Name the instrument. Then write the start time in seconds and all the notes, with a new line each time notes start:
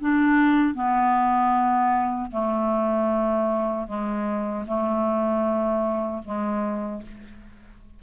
clarinet
0.00 D4
0.74 B3
2.31 A3
3.87 G#3
4.66 A3
6.24 G#3